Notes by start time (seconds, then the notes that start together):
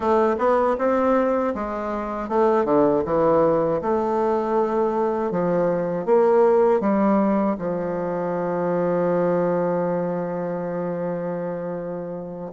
0.00 A3
0.38 B3
0.78 C4
1.54 G#3
2.28 A3
2.64 D3
3.05 E3
3.81 A3
5.31 F3
6.06 A#3
6.80 G3
7.58 F3